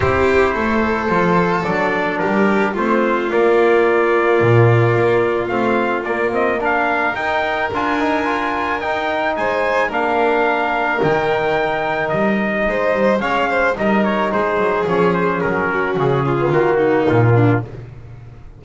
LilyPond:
<<
  \new Staff \with { instrumentName = "trumpet" } { \time 4/4 \tempo 4 = 109 c''2. d''4 | ais'4 c''4 d''2~ | d''2 f''4 d''8 dis''8 | f''4 g''4 gis''2 |
g''4 gis''4 f''2 | g''2 dis''2 | f''4 dis''8 cis''8 c''4 cis''8 c''8 | ais'4 gis'4 fis'4 f'4 | }
  \new Staff \with { instrumentName = "violin" } { \time 4/4 g'4 a'2. | g'4 f'2.~ | f'1 | ais'1~ |
ais'4 c''4 ais'2~ | ais'2. c''4 | cis''8 c''8 ais'4 gis'2~ | gis'8 fis'4 f'4 dis'4 d'8 | }
  \new Staff \with { instrumentName = "trombone" } { \time 4/4 e'2 f'4 d'4~ | d'4 c'4 ais2~ | ais2 c'4 ais8 c'8 | d'4 dis'4 f'8 dis'8 f'4 |
dis'2 d'2 | dis'1 | cis'4 dis'2 cis'4~ | cis'4.~ cis'16 b16 ais2 | }
  \new Staff \with { instrumentName = "double bass" } { \time 4/4 c'4 a4 f4 fis4 | g4 a4 ais2 | ais,4 ais4 a4 ais4~ | ais4 dis'4 d'2 |
dis'4 gis4 ais2 | dis2 g4 gis8 g8 | gis4 g4 gis8 fis8 f4 | fis4 cis4 dis4 ais,4 | }
>>